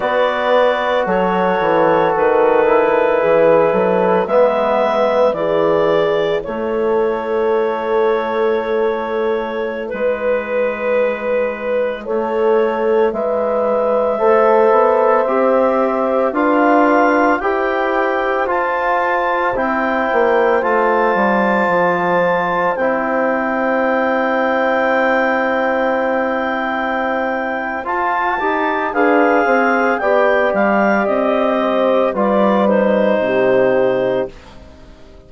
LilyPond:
<<
  \new Staff \with { instrumentName = "clarinet" } { \time 4/4 \tempo 4 = 56 d''4 cis''4 b'2 | e''4 d''4 cis''2~ | cis''4~ cis''16 b'2 cis''8.~ | cis''16 e''2. f''8.~ |
f''16 g''4 a''4 g''4 a''8.~ | a''4~ a''16 g''2~ g''8.~ | g''2 a''4 f''4 | g''8 f''8 dis''4 d''8 c''4. | }
  \new Staff \with { instrumentName = "horn" } { \time 4/4 b'4 a'2 gis'8 a'8 | b'4 gis'4 a'2~ | a'4~ a'16 b'2 a'8.~ | a'16 b'4 c''2 b'8.~ |
b'16 c''2.~ c''8.~ | c''1~ | c''2. b'8 c''8 | d''4. c''8 b'4 g'4 | }
  \new Staff \with { instrumentName = "trombone" } { \time 4/4 fis'2~ fis'8 e'4. | b4 e'2.~ | e'1~ | e'4~ e'16 a'4 g'4 f'8.~ |
f'16 g'4 f'4 e'4 f'8.~ | f'4~ f'16 e'2~ e'8.~ | e'2 f'8 g'8 gis'4 | g'2 f'8 dis'4. | }
  \new Staff \with { instrumentName = "bassoon" } { \time 4/4 b4 fis8 e8 dis4 e8 fis8 | gis4 e4 a2~ | a4~ a16 gis2 a8.~ | a16 gis4 a8 b8 c'4 d'8.~ |
d'16 e'4 f'4 c'8 ais8 a8 g16~ | g16 f4 c'2~ c'8.~ | c'2 f'8 dis'8 d'8 c'8 | b8 g8 c'4 g4 c4 | }
>>